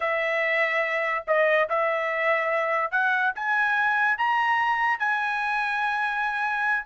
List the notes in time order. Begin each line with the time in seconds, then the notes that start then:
0.00 E5
1.27 D#5
1.69 E5
2.91 F#5
3.35 G#5
4.17 A#5
4.99 G#5